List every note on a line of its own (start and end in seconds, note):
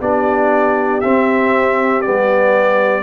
0.00 1.03 B3
0.00 1.02 D4
0.00 3.03 G4
0.00 1.01 D5
1.01 2.04 C4
1.01 2.06 C4
1.01 2.02 E5
2.02 3.03 G3
2.02 3.03 B3
2.02 3.03 D5